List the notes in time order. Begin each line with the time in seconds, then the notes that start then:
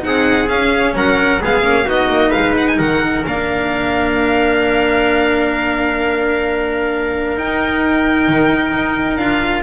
0.00 C4 D#4 F#5
0.07 G#4
0.48 C#4 F5
0.94 F#3 A#4 F#5
1.41 G#3 B3 G#4 F5
1.63 A#3 C#4
1.85 B3 D#4 F#4 D#5
2.09 A#3
2.29 B4 F5
2.35 G#3
2.58 F#5
2.68 G#5
2.78 D#3 A#4 F#5
3.26 A#3 D4 F5
7.36 D#4 G5
8.28 D#3
8.74 D#4
9.16 D4 F4 F5